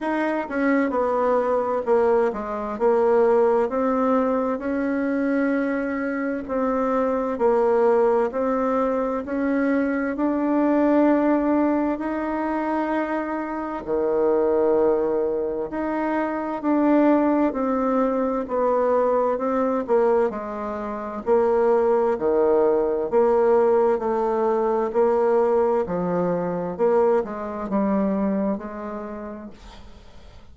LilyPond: \new Staff \with { instrumentName = "bassoon" } { \time 4/4 \tempo 4 = 65 dis'8 cis'8 b4 ais8 gis8 ais4 | c'4 cis'2 c'4 | ais4 c'4 cis'4 d'4~ | d'4 dis'2 dis4~ |
dis4 dis'4 d'4 c'4 | b4 c'8 ais8 gis4 ais4 | dis4 ais4 a4 ais4 | f4 ais8 gis8 g4 gis4 | }